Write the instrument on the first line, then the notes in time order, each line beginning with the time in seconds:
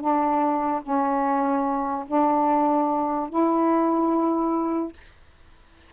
saxophone
0.00 D4
0.82 C#4
2.07 D4
3.29 E4